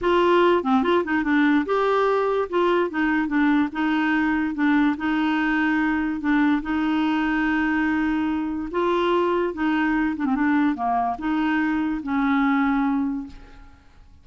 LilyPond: \new Staff \with { instrumentName = "clarinet" } { \time 4/4 \tempo 4 = 145 f'4. c'8 f'8 dis'8 d'4 | g'2 f'4 dis'4 | d'4 dis'2 d'4 | dis'2. d'4 |
dis'1~ | dis'4 f'2 dis'4~ | dis'8 d'16 c'16 d'4 ais4 dis'4~ | dis'4 cis'2. | }